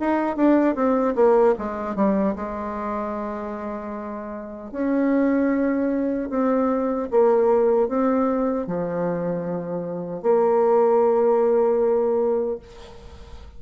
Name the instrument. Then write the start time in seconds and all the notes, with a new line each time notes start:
bassoon
0.00 D#4
0.37 D4
0.75 C4
1.15 A#3
1.59 G#3
1.96 G3
2.36 G#3
4.72 C#4
6.30 C4
7.11 A#3
7.88 C4
8.67 F3
10.22 A#3